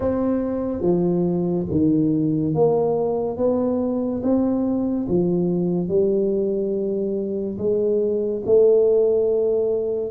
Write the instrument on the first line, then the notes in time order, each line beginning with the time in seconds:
tuba
0.00 C4
0.81 F3
1.70 D#3
2.54 A#3
3.37 B3
4.23 C4
5.08 F3
5.88 G3
7.57 G#3
8.45 A3